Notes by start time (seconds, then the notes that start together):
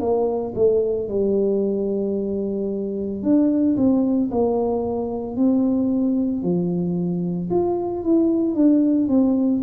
0.00 A#3
0.55 A3
1.09 G3
3.23 D4
3.77 C4
4.31 A#3
5.36 C4
6.43 F3
7.50 F4
8.04 E4
8.55 D4
9.09 C4